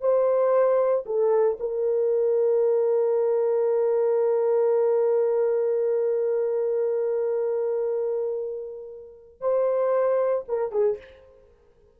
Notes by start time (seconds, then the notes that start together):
0.00 C5
1.05 A4
1.60 A#4
9.40 C5
10.48 A#4
10.71 G#4